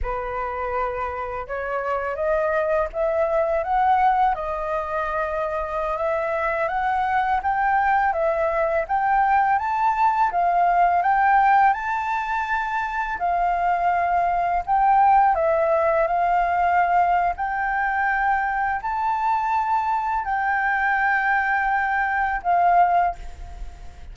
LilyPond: \new Staff \with { instrumentName = "flute" } { \time 4/4 \tempo 4 = 83 b'2 cis''4 dis''4 | e''4 fis''4 dis''2~ | dis''16 e''4 fis''4 g''4 e''8.~ | e''16 g''4 a''4 f''4 g''8.~ |
g''16 a''2 f''4.~ f''16~ | f''16 g''4 e''4 f''4.~ f''16 | g''2 a''2 | g''2. f''4 | }